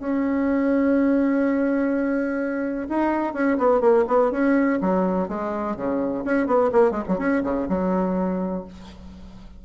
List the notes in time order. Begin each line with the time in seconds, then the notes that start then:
0.00 C#4
2.89 D#4
3.34 C#4
3.58 B3
3.81 A#3
4.08 B3
4.32 C#4
4.81 F#3
5.28 G#3
5.77 C#3
6.25 C#4
6.47 B3
6.72 A#3
6.91 G#3
7.09 F#3
7.19 C#4
7.44 C#3
7.69 F#3